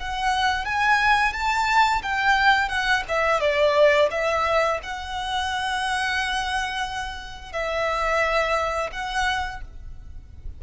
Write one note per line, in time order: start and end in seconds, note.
0.00 0.66 F#5
0.66 1.34 G#5
1.34 2.03 A5
2.03 2.69 G5
2.69 3.04 F#5
3.09 3.41 E5
3.41 4.10 D5
4.11 4.80 E5
4.83 7.53 F#5
7.53 8.91 E5
8.93 9.62 F#5